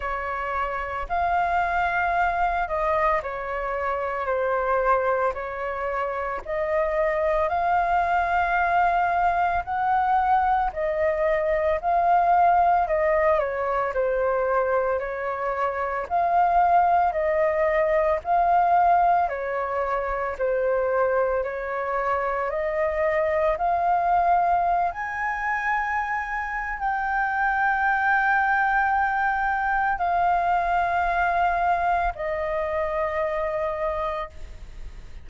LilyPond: \new Staff \with { instrumentName = "flute" } { \time 4/4 \tempo 4 = 56 cis''4 f''4. dis''8 cis''4 | c''4 cis''4 dis''4 f''4~ | f''4 fis''4 dis''4 f''4 | dis''8 cis''8 c''4 cis''4 f''4 |
dis''4 f''4 cis''4 c''4 | cis''4 dis''4 f''4~ f''16 gis''8.~ | gis''4 g''2. | f''2 dis''2 | }